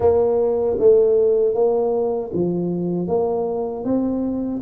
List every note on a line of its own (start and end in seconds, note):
0.00 0.77 A#3
0.79 1.54 A3
1.54 2.31 A#3
2.33 3.07 F3
3.07 3.84 A#3
3.84 4.61 C4